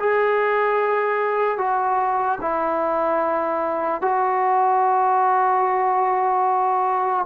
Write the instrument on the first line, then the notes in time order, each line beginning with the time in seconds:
trombone
0.00 G#4
1.58 F#4
2.41 E4
4.02 F#4